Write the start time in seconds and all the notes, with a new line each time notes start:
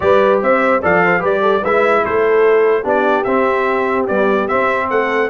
0.00 G3 G4 B4 D5
0.42 C4 C5 E5
0.82 F3 A4 D5 F5
1.04 C5
1.19 G3 G4 B4 D5
1.41 A4
1.62 G#3 E4 B4 E5
2.04 A3 A4 C5
2.82 B3 D4 G4 D5
3.24 C4 E5
4.07 G3 B3 D5
4.48 C4 E5
4.90 A3 A4 F#5